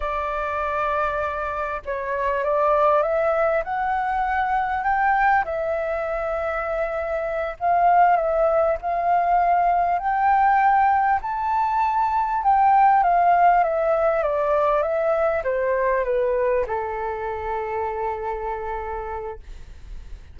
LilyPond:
\new Staff \with { instrumentName = "flute" } { \time 4/4 \tempo 4 = 99 d''2. cis''4 | d''4 e''4 fis''2 | g''4 e''2.~ | e''8 f''4 e''4 f''4.~ |
f''8 g''2 a''4.~ | a''8 g''4 f''4 e''4 d''8~ | d''8 e''4 c''4 b'4 a'8~ | a'1 | }